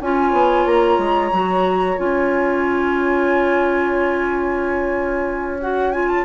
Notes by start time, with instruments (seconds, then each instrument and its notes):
0.00 bassoon C#4, clarinet F4, oboe C#5, flute G#5
0.32 bassoon B3
0.65 bassoon A#3, flute A#5
0.98 bassoon G#3
1.32 bassoon F#3, clarinet F#4
1.97 bassoon C#4, clarinet F4, flute G#5
5.61 clarinet F#4, flute F#5
5.92 clarinet F4, flute G#5
6.09 flute A5